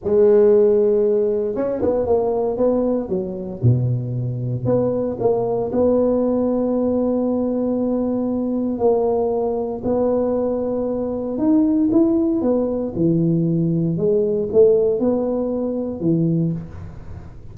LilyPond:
\new Staff \with { instrumentName = "tuba" } { \time 4/4 \tempo 4 = 116 gis2. cis'8 b8 | ais4 b4 fis4 b,4~ | b,4 b4 ais4 b4~ | b1~ |
b4 ais2 b4~ | b2 dis'4 e'4 | b4 e2 gis4 | a4 b2 e4 | }